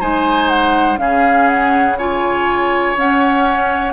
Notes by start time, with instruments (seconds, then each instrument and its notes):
0.00 bassoon G#3, clarinet D#4, oboe C5, flute G#5
0.48 flute F#5
0.97 bassoon C#3, clarinet C#4, oboe G#4, flute F5
1.47 flute F#5
1.98 clarinet F4, oboe C#5, flute G#5
2.96 clarinet C#4, bassoon C#4, flute F#5